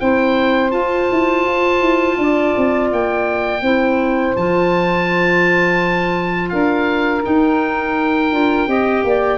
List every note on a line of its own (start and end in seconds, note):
0.00 0.73 C4
0.00 0.70 E4
0.00 2.18 C5
0.00 0.71 G5
0.70 3.60 F4
0.70 1.09 F4
0.70 2.88 A5
1.12 1.46 E4
1.46 1.81 F4
1.81 2.17 E4
2.18 2.54 D4
2.18 3.62 D5
2.58 2.92 C4
2.92 3.62 A#3
2.92 4.37 G5
3.62 4.35 C4
3.62 4.36 E4
3.62 6.52 C5
4.37 6.52 F3
4.37 7.22 F4
4.37 6.50 A5
6.50 7.25 D4
6.50 8.69 A#4
6.50 7.22 F5
7.22 8.31 D#4
7.22 8.33 D#4
7.22 9.38 G5
8.31 8.67 D4
8.31 8.67 F4
8.67 9.03 C4
8.67 9.38 G4
8.67 9.05 D#5
9.04 9.38 A#3
9.04 9.38 D5